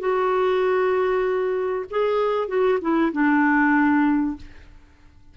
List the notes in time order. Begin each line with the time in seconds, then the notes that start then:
0.00 F#4
1.91 G#4
2.48 F#4
2.81 E4
3.13 D4